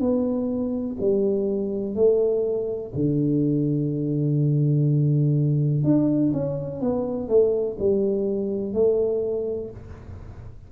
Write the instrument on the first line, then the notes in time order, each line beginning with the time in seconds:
tuba
0.00 B3
1.00 G3
1.95 A3
2.95 D3
5.84 D4
6.33 C#4
6.81 B3
7.28 A3
7.79 G3
8.74 A3